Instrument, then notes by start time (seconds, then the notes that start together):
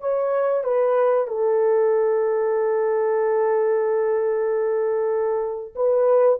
horn
0.00 C#5
0.64 B4
1.27 A4
5.76 B4